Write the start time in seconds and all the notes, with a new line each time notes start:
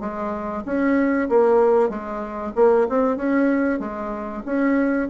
0.00 G#3
0.65 C#4
1.29 A#3
1.89 G#3
2.55 A#3
2.89 C4
3.16 C#4
3.79 G#3
4.45 C#4